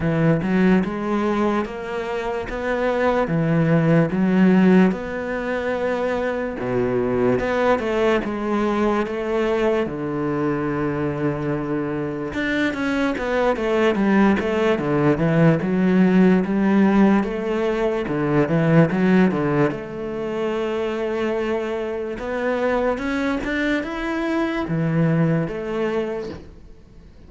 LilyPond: \new Staff \with { instrumentName = "cello" } { \time 4/4 \tempo 4 = 73 e8 fis8 gis4 ais4 b4 | e4 fis4 b2 | b,4 b8 a8 gis4 a4 | d2. d'8 cis'8 |
b8 a8 g8 a8 d8 e8 fis4 | g4 a4 d8 e8 fis8 d8 | a2. b4 | cis'8 d'8 e'4 e4 a4 | }